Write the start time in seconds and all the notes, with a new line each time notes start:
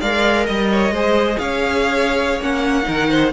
0.00 G#3 A#4 D5 F5
0.46 G3 D#5
0.71 C#5
0.90 G#3 G#4 C5
1.38 C#4 C#5 F5
2.40 A#3 C#4 F#5
2.83 D#3 D#4 A#4
3.09 C5